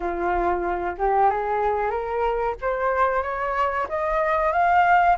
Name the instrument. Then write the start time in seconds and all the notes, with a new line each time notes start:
flute
0.00 F4
0.97 G4
1.29 G#4
1.90 A#4
2.61 C5
3.22 C#5
3.88 D#5
4.52 F5